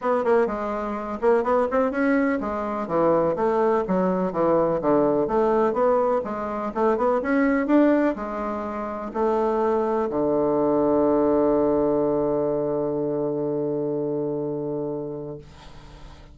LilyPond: \new Staff \with { instrumentName = "bassoon" } { \time 4/4 \tempo 4 = 125 b8 ais8 gis4. ais8 b8 c'8 | cis'4 gis4 e4 a4 | fis4 e4 d4 a4 | b4 gis4 a8 b8 cis'4 |
d'4 gis2 a4~ | a4 d2.~ | d1~ | d1 | }